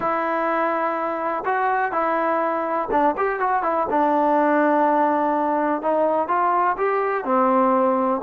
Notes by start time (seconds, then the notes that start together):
0.00 E4
1.45 F#4
1.92 E4
2.91 D4
3.17 G4
3.39 F#4
3.62 E4
3.90 D4
5.82 D#4
6.27 F4
6.77 G4
7.24 C4